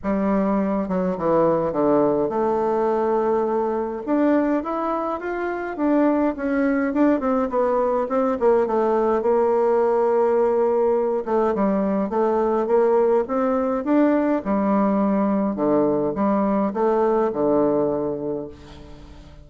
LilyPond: \new Staff \with { instrumentName = "bassoon" } { \time 4/4 \tempo 4 = 104 g4. fis8 e4 d4 | a2. d'4 | e'4 f'4 d'4 cis'4 | d'8 c'8 b4 c'8 ais8 a4 |
ais2.~ ais8 a8 | g4 a4 ais4 c'4 | d'4 g2 d4 | g4 a4 d2 | }